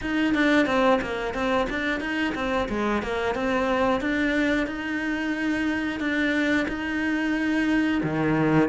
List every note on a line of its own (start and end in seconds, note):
0.01 0.34 D#4
0.34 0.66 D4
0.66 0.99 C4
1.02 1.34 A#3
1.34 1.67 C4
1.69 2.00 D4
2.00 2.33 D#4
2.35 2.68 C4
2.68 3.02 G#3
3.02 3.35 A#3
3.35 4.00 C4
4.00 4.66 D4
4.66 5.99 D#4
5.99 6.66 D4
6.68 8.01 D#4
8.03 8.68 D#3